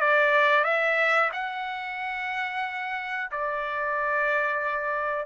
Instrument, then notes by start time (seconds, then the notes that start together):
trumpet
0.00 D5
0.64 E5
1.32 F#5
3.31 D5